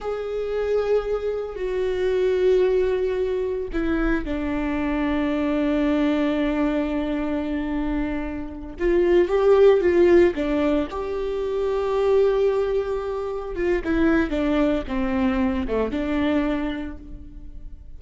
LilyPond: \new Staff \with { instrumentName = "viola" } { \time 4/4 \tempo 4 = 113 gis'2. fis'4~ | fis'2. e'4 | d'1~ | d'1~ |
d'8 f'4 g'4 f'4 d'8~ | d'8 g'2.~ g'8~ | g'4. f'8 e'4 d'4 | c'4. a8 d'2 | }